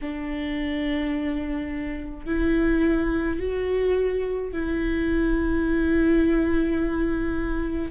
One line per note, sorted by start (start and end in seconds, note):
0.01 2.26 D4
2.26 3.39 E4
3.39 4.52 F#4
4.52 7.91 E4